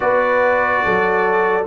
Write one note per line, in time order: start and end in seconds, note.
0.00 0.84 B3
0.00 1.63 F#4
0.00 0.85 B4
0.00 1.66 D5
0.84 1.66 F#3
0.84 1.66 A4